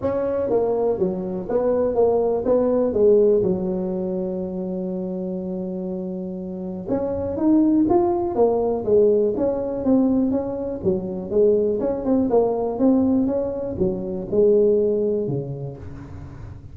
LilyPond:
\new Staff \with { instrumentName = "tuba" } { \time 4/4 \tempo 4 = 122 cis'4 ais4 fis4 b4 | ais4 b4 gis4 fis4~ | fis1~ | fis2 cis'4 dis'4 |
f'4 ais4 gis4 cis'4 | c'4 cis'4 fis4 gis4 | cis'8 c'8 ais4 c'4 cis'4 | fis4 gis2 cis4 | }